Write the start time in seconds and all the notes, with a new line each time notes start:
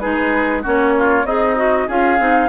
0.00 G#3 D#4 G#4 B4
0.63 A#3 C#4 F#4 C#5
0.99 F4
1.25 C4 D#4 G#4 D#5
1.57 F#4
1.88 C#4 F4 G#4 F5
2.19 C4 D#4